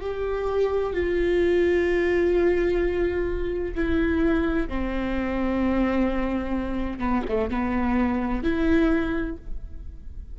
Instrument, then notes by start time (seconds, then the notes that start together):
viola
0.00 G4
0.93 F4
3.75 E4
4.68 C4
6.99 B3
7.28 A3
7.50 B3
8.43 E4